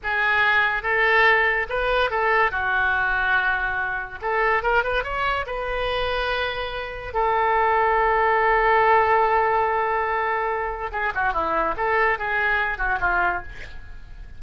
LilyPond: \new Staff \with { instrumentName = "oboe" } { \time 4/4 \tempo 4 = 143 gis'2 a'2 | b'4 a'4 fis'2~ | fis'2 a'4 ais'8 b'8 | cis''4 b'2.~ |
b'4 a'2.~ | a'1~ | a'2 gis'8 fis'8 e'4 | a'4 gis'4. fis'8 f'4 | }